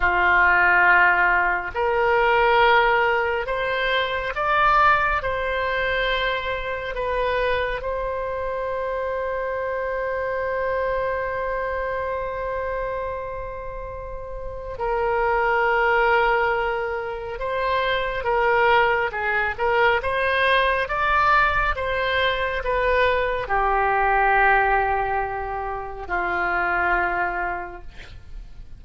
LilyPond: \new Staff \with { instrumentName = "oboe" } { \time 4/4 \tempo 4 = 69 f'2 ais'2 | c''4 d''4 c''2 | b'4 c''2.~ | c''1~ |
c''4 ais'2. | c''4 ais'4 gis'8 ais'8 c''4 | d''4 c''4 b'4 g'4~ | g'2 f'2 | }